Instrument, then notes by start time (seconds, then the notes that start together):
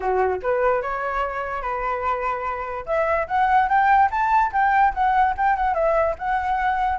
flute
0.00 F#4
0.42 B4
0.82 C#5
1.62 B4
2.86 E5
3.27 F#5
3.68 G5
4.11 A5
4.52 G5
4.93 F#5
5.37 G5
5.56 F#5
5.74 E5
6.18 F#5